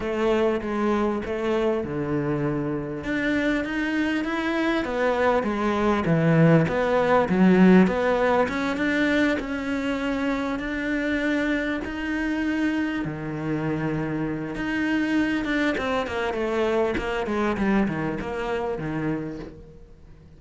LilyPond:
\new Staff \with { instrumentName = "cello" } { \time 4/4 \tempo 4 = 99 a4 gis4 a4 d4~ | d4 d'4 dis'4 e'4 | b4 gis4 e4 b4 | fis4 b4 cis'8 d'4 cis'8~ |
cis'4. d'2 dis'8~ | dis'4. dis2~ dis8 | dis'4. d'8 c'8 ais8 a4 | ais8 gis8 g8 dis8 ais4 dis4 | }